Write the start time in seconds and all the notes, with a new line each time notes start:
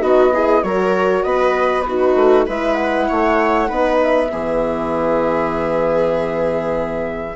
0.00 B3 D#4 F#4 D#5
0.33 E4 G#4
0.63 F#3 F#4 A#4 C#5
1.24 B3 B4 D#5
1.82 F#4 B4
1.89 D#4
2.16 A3
2.47 G#3 E4 B4 E5
2.74 F#5
3.08 A3 C#5
3.67 B3 D#4 B4
4.03 E5
4.31 E3 B3 G#4